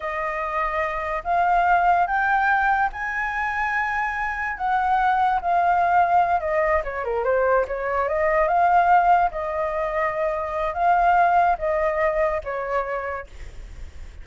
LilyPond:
\new Staff \with { instrumentName = "flute" } { \time 4/4 \tempo 4 = 145 dis''2. f''4~ | f''4 g''2 gis''4~ | gis''2. fis''4~ | fis''4 f''2~ f''8 dis''8~ |
dis''8 cis''8 ais'8 c''4 cis''4 dis''8~ | dis''8 f''2 dis''4.~ | dis''2 f''2 | dis''2 cis''2 | }